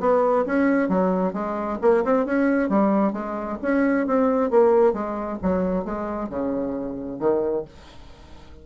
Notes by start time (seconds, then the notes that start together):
0.00 B3
0.46 C#4
0.89 F#3
1.33 G#3
1.81 A#3
2.04 C4
2.25 C#4
2.69 G3
3.13 G#3
3.62 C#4
4.07 C4
4.50 A#3
4.93 G#3
5.42 F#3
5.85 G#3
6.29 C#3
7.20 D#3